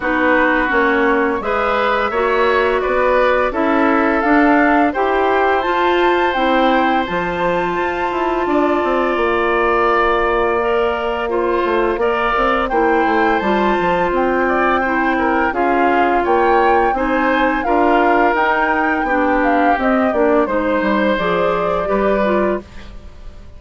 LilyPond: <<
  \new Staff \with { instrumentName = "flute" } { \time 4/4 \tempo 4 = 85 b'4 cis''4 e''2 | d''4 e''4 f''4 g''4 | a''4 g''4 a''2~ | a''4 f''2.~ |
f''2 g''4 a''4 | g''2 f''4 g''4 | gis''4 f''4 g''4. f''8 | dis''8 d''8 c''4 d''2 | }
  \new Staff \with { instrumentName = "oboe" } { \time 4/4 fis'2 b'4 cis''4 | b'4 a'2 c''4~ | c''1 | d''1 |
c''4 d''4 c''2~ | c''8 d''8 c''8 ais'8 gis'4 cis''4 | c''4 ais'2 g'4~ | g'4 c''2 b'4 | }
  \new Staff \with { instrumentName = "clarinet" } { \time 4/4 dis'4 cis'4 gis'4 fis'4~ | fis'4 e'4 d'4 g'4 | f'4 e'4 f'2~ | f'2. ais'4 |
f'4 ais'4 e'4 f'4~ | f'4 e'4 f'2 | dis'4 f'4 dis'4 d'4 | c'8 d'8 dis'4 gis'4 g'8 f'8 | }
  \new Staff \with { instrumentName = "bassoon" } { \time 4/4 b4 ais4 gis4 ais4 | b4 cis'4 d'4 e'4 | f'4 c'4 f4 f'8 e'8 | d'8 c'8 ais2.~ |
ais8 a8 ais8 c'8 ais8 a8 g8 f8 | c'2 cis'4 ais4 | c'4 d'4 dis'4 b4 | c'8 ais8 gis8 g8 f4 g4 | }
>>